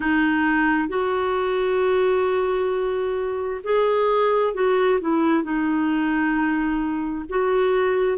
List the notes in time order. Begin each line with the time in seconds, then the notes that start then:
0.00 D#4
0.88 F#4
3.63 G#4
4.54 F#4
5.00 E4
5.43 D#4
7.29 F#4